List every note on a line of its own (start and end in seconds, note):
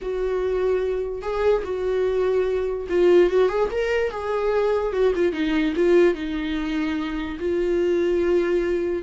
0.01 1.21 F#4
1.21 1.63 G#4
1.63 2.87 F#4
2.89 3.30 F4
3.30 3.48 F#4
3.48 3.69 G#4
3.71 4.10 A#4
4.10 4.92 G#4
4.92 5.13 F#4
5.15 5.32 F4
5.32 5.73 D#4
5.76 6.14 F4
6.14 7.37 D#4
7.39 9.03 F4